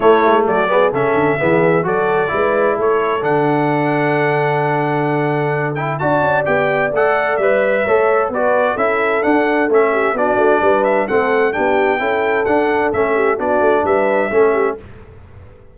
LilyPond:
<<
  \new Staff \with { instrumentName = "trumpet" } { \time 4/4 \tempo 4 = 130 cis''4 d''4 e''2 | d''2 cis''4 fis''4~ | fis''1~ | fis''8 g''8 a''4 g''4 fis''4 |
e''2 d''4 e''4 | fis''4 e''4 d''4. e''8 | fis''4 g''2 fis''4 | e''4 d''4 e''2 | }
  \new Staff \with { instrumentName = "horn" } { \time 4/4 e'4 fis'8 gis'8 a'4 gis'4 | a'4 b'4 a'2~ | a'1~ | a'4 d''2.~ |
d''4 cis''4 b'4 a'4~ | a'4. g'8 fis'4 b'4 | a'4 g'4 a'2~ | a'8 g'8 fis'4 b'4 a'8 g'8 | }
  \new Staff \with { instrumentName = "trombone" } { \time 4/4 a4. b8 cis'4 b4 | fis'4 e'2 d'4~ | d'1~ | d'8 e'8 fis'4 g'4 a'4 |
b'4 a'4 fis'4 e'4 | d'4 cis'4 d'2 | c'4 d'4 e'4 d'4 | cis'4 d'2 cis'4 | }
  \new Staff \with { instrumentName = "tuba" } { \time 4/4 a8 gis8 fis4 cis8 d8 e4 | fis4 gis4 a4 d4~ | d1~ | d4 d'8 cis'8 b4 a4 |
g4 a4 b4 cis'4 | d'4 a4 b8 a8 g4 | a4 b4 cis'4 d'4 | a4 b8 a8 g4 a4 | }
>>